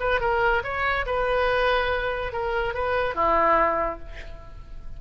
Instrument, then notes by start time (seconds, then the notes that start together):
oboe
0.00 B4
0.21 A#4
0.64 C#5
1.06 B4
2.32 A#4
2.74 B4
3.15 E4